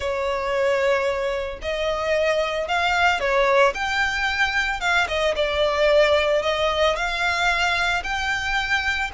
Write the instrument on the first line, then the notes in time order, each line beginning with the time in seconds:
violin
0.00 C#5
1.62 D#5
2.68 F5
3.20 C#5
3.74 G5
4.80 F5
5.08 D#5
5.35 D5
6.42 D#5
6.95 F5
8.03 G5